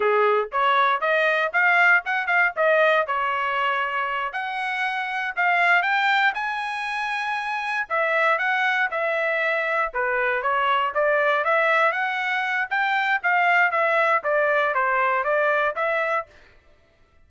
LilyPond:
\new Staff \with { instrumentName = "trumpet" } { \time 4/4 \tempo 4 = 118 gis'4 cis''4 dis''4 f''4 | fis''8 f''8 dis''4 cis''2~ | cis''8 fis''2 f''4 g''8~ | g''8 gis''2. e''8~ |
e''8 fis''4 e''2 b'8~ | b'8 cis''4 d''4 e''4 fis''8~ | fis''4 g''4 f''4 e''4 | d''4 c''4 d''4 e''4 | }